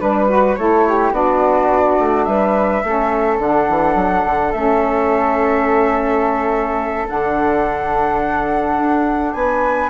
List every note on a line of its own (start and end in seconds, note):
0.00 0.58 G3
0.00 0.28 D4
0.00 0.56 B4
0.00 0.59 B4
0.29 0.57 F#4
0.56 1.12 A3
0.56 1.13 E4
0.56 0.87 A4
0.56 1.12 C#5
0.88 1.15 G4
1.12 1.97 B3
1.12 2.82 D4
1.12 2.28 F#4
1.12 2.24 D5
2.00 2.27 A3
2.24 2.84 G3
2.24 2.85 B4
2.24 3.38 E5
2.84 3.39 A3
2.84 3.42 C#4
2.84 9.37 A4
3.39 3.68 D3
3.39 4.54 D4
3.39 4.53 F#5
3.69 3.95 E3
3.95 4.23 F#3
4.26 4.54 D3
4.53 7.09 A3
4.53 7.07 C#4
4.53 7.07 E5
7.07 8.78 D3
7.07 9.90 D4
7.07 9.34 F#5
8.78 9.34 D4
9.34 9.90 B3
9.34 9.90 B4
9.34 9.90 G#5